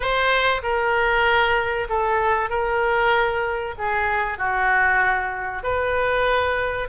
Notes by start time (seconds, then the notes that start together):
0.00 C5
0.62 A#4
1.89 A4
2.49 A#4
3.78 G#4
4.38 F#4
5.63 B4